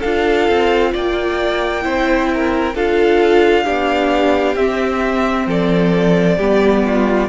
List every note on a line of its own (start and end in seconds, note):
0.00 0.48 D4
0.00 1.81 F4
0.00 0.91 A4
0.00 0.92 F5
0.48 0.94 C4
0.92 1.85 A#3
0.92 1.83 D5
0.92 2.76 G5
1.81 2.74 C4
1.81 2.72 E4
1.81 2.29 C5
2.33 2.75 A#4
2.74 3.65 D4
2.74 3.65 F4
2.74 3.64 A4
2.74 4.55 F5
3.64 4.55 B3
3.64 4.55 D4
3.64 5.46 G4
4.55 5.46 C4
4.55 6.39 C4
4.55 5.46 E5
5.46 6.37 F3
5.46 6.37 A4
5.46 7.29 D5
6.37 7.29 G3
6.37 7.29 B3
6.37 6.83 G4
6.86 7.29 F4